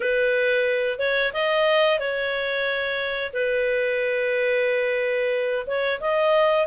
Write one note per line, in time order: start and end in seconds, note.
0.00 0.98 B4
0.98 1.32 C#5
1.33 1.98 D#5
1.98 3.32 C#5
3.33 5.66 B4
5.66 6.00 C#5
6.00 6.67 D#5